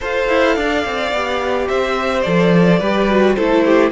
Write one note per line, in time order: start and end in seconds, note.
0.01 0.28 F4
0.01 1.13 A4
0.01 0.55 C5
0.01 1.68 F5
0.28 0.56 E4
0.55 0.84 D4
0.55 1.68 D5
0.85 1.12 C4
1.12 1.68 B3
1.12 2.25 G4
1.68 2.25 C4
1.68 2.79 C5
1.68 2.21 E5
2.21 2.80 F3
2.21 2.81 A4
2.21 3.34 D5
2.79 3.36 G3
2.79 3.09 G4
2.79 3.35 B4
3.09 3.37 F#4
3.34 3.91 A3
3.34 3.91 E4
3.34 3.64 A4
3.34 3.90 C5
3.64 3.91 G4